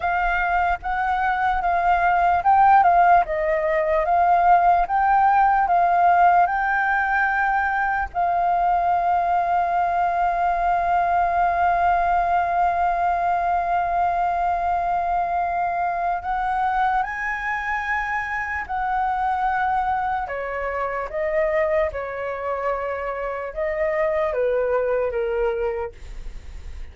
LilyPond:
\new Staff \with { instrumentName = "flute" } { \time 4/4 \tempo 4 = 74 f''4 fis''4 f''4 g''8 f''8 | dis''4 f''4 g''4 f''4 | g''2 f''2~ | f''1~ |
f''1 | fis''4 gis''2 fis''4~ | fis''4 cis''4 dis''4 cis''4~ | cis''4 dis''4 b'4 ais'4 | }